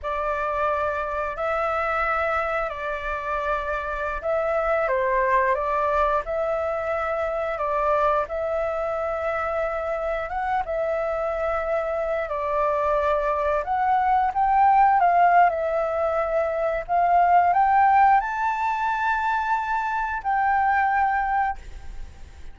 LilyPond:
\new Staff \with { instrumentName = "flute" } { \time 4/4 \tempo 4 = 89 d''2 e''2 | d''2~ d''16 e''4 c''8.~ | c''16 d''4 e''2 d''8.~ | d''16 e''2. fis''8 e''16~ |
e''2~ e''16 d''4.~ d''16~ | d''16 fis''4 g''4 f''8. e''4~ | e''4 f''4 g''4 a''4~ | a''2 g''2 | }